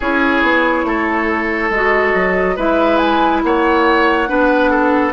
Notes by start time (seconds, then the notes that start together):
0.00 C#4 E4 G#4 C#5
0.42 B3
0.84 A3 A4
1.69 G#3 F#4 D#5
2.14 F#3
2.56 G#3 E4 B4 E5
2.97 G#5
3.43 A#3 C#5 F#5
4.27 B3 D4 B4
4.70 A4